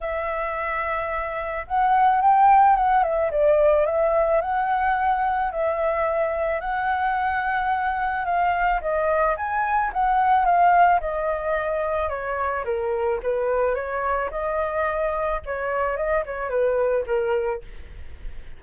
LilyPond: \new Staff \with { instrumentName = "flute" } { \time 4/4 \tempo 4 = 109 e''2. fis''4 | g''4 fis''8 e''8 d''4 e''4 | fis''2 e''2 | fis''2. f''4 |
dis''4 gis''4 fis''4 f''4 | dis''2 cis''4 ais'4 | b'4 cis''4 dis''2 | cis''4 dis''8 cis''8 b'4 ais'4 | }